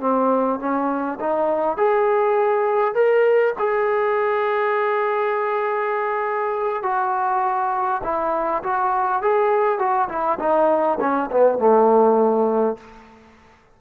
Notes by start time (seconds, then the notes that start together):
0.00 C4
0.59 C#4
1.20 D#4
1.77 G#4
2.94 A#4
3.59 G#4
6.83 F#4
8.03 E4
8.63 F#4
9.22 G#4
9.79 F#4
10.09 E4
10.39 D#4
11.00 C#4
11.31 B3
11.58 A3